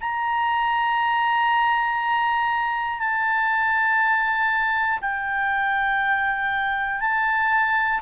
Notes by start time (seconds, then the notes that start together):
0.00 A#5
2.99 A5
5.01 G5
7.00 A5